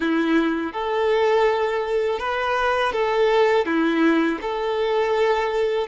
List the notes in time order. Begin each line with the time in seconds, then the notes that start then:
0.00 E4
0.73 A4
2.19 B4
2.92 A4
3.66 E4
4.41 A4